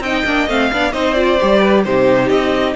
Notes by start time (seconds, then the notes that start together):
0.00 C4 D#4 D#5 G5
0.25 A#3 D4
0.48 A3 C4 F5
0.72 B3 D4 D5
0.92 C4 D#4 C5 D#5
1.13 F4 D5
1.40 G3 G4
1.60 B4
1.84 C3 D#4 G4 C5
2.29 C4 D#5